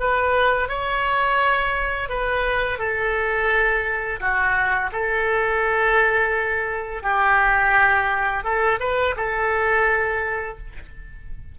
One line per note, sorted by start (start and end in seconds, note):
0.00 0.69 B4
0.69 2.10 C#5
2.10 2.79 B4
2.79 4.20 A4
4.20 4.91 F#4
4.93 7.03 A4
7.03 8.44 G4
8.44 8.79 A4
8.80 9.15 B4
9.17 10.58 A4